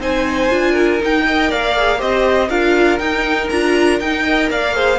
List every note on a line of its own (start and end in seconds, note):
0.00 0.50 C4
0.00 0.50 D#4
0.00 0.72 C5
0.00 1.02 G#5
0.50 1.01 D4
0.50 1.00 F4
0.72 1.22 A#4
1.00 1.25 D#4
1.00 1.52 D#4
1.00 1.52 G5
1.26 1.78 A#4
1.26 1.50 D#5
1.50 2.02 A#3
1.50 1.99 D5
1.50 2.01 F5
1.78 1.98 G#4
1.98 2.49 C4
1.98 2.48 G4
1.98 2.49 C5
1.98 2.50 D#5
2.49 2.99 D4
2.49 3.00 F4
2.49 4.25 A#4
2.49 2.99 F5
2.99 3.50 D#4
2.99 3.49 G5
3.50 4.01 D4
3.50 4.02 F4
3.50 4.00 A#5
4.00 4.51 D#4
4.00 4.28 D#4
4.00 4.50 G5
4.25 4.74 A#4
4.25 4.50 D#5
4.51 5.00 A#3
4.51 4.76 D5
4.51 5.00 F5
4.74 4.99 G#4
4.74 5.00 C5